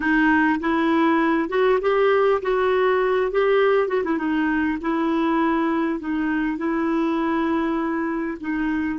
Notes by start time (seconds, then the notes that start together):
0.00 D#4
0.60 E4
1.49 F#4
1.81 G4
2.42 F#4
3.31 G4
3.88 F#4
4.04 E4
4.18 D#4
4.81 E4
5.99 D#4
6.57 E4
8.40 D#4